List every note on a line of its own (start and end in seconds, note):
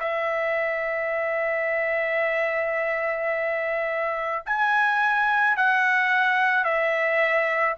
0.00 4.44 E5
4.46 5.57 G#5
5.57 6.65 F#5
6.65 7.76 E5